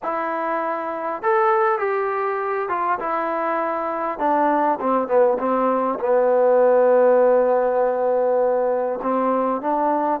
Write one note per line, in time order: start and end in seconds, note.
0.02 1.22 E4
1.22 1.78 A4
1.78 2.68 G4
2.68 2.98 F4
2.99 4.18 E4
4.18 4.78 D4
4.80 5.07 C4
5.07 5.37 B3
5.38 5.98 C4
5.99 8.99 B3
9.02 9.61 C4
9.61 10.20 D4